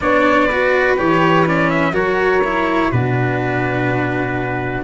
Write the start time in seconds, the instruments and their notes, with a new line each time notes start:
0.00 tuba B3, cello D4, flute C#5, trumpet D5
0.46 cello F#4, flute B4
0.97 tuba E3, cello G4, trumpet C#5
1.46 cello C#4, trumpet D5
1.70 trumpet E5
1.91 tuba F#3, cello F#4, flute A#4, trumpet C#5
2.44 cello E4
2.91 tuba B2, cello D4, flute F#4, trumpet B4